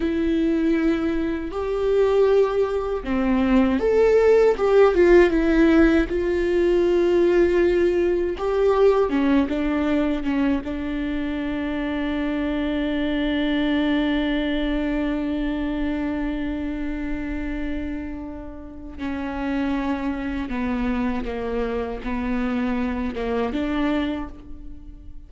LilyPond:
\new Staff \with { instrumentName = "viola" } { \time 4/4 \tempo 4 = 79 e'2 g'2 | c'4 a'4 g'8 f'8 e'4 | f'2. g'4 | cis'8 d'4 cis'8 d'2~ |
d'1~ | d'1~ | d'4 cis'2 b4 | ais4 b4. ais8 d'4 | }